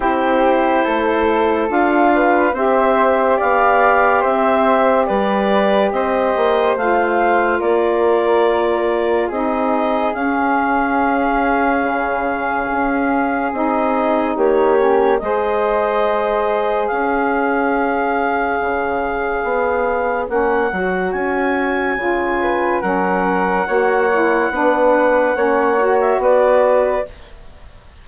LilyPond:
<<
  \new Staff \with { instrumentName = "clarinet" } { \time 4/4 \tempo 4 = 71 c''2 f''4 e''4 | f''4 e''4 d''4 dis''4 | f''4 d''2 dis''4 | f''1 |
dis''4 cis''4 dis''2 | f''1 | fis''4 gis''2 fis''4~ | fis''2~ fis''8. e''16 d''4 | }
  \new Staff \with { instrumentName = "flute" } { \time 4/4 g'4 a'4. b'8 c''4 | d''4 c''4 b'4 c''4~ | c''4 ais'2 gis'4~ | gis'1~ |
gis'4 g'4 c''2 | cis''1~ | cis''2~ cis''8 b'8 ais'4 | cis''4 b'4 cis''4 b'4 | }
  \new Staff \with { instrumentName = "saxophone" } { \time 4/4 e'2 f'4 g'4~ | g'1 | f'2. dis'4 | cis'1 |
dis'4. cis'8 gis'2~ | gis'1 | cis'8 fis'4. f'4 cis'4 | fis'8 e'8 d'4 cis'8 fis'4. | }
  \new Staff \with { instrumentName = "bassoon" } { \time 4/4 c'4 a4 d'4 c'4 | b4 c'4 g4 c'8 ais8 | a4 ais2 c'4 | cis'2 cis4 cis'4 |
c'4 ais4 gis2 | cis'2 cis4 b4 | ais8 fis8 cis'4 cis4 fis4 | ais4 b4 ais4 b4 | }
>>